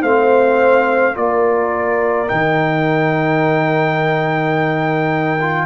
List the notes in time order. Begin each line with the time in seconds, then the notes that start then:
0.00 A3 C4 C5 F5
1.14 A#3 F4 A#4 D5
2.27 D#3 D#4 G5
5.40 F4